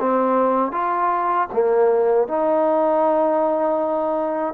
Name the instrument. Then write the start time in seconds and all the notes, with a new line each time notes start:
trombone
0.00 C4
0.72 F4
1.53 A#3
2.28 D#4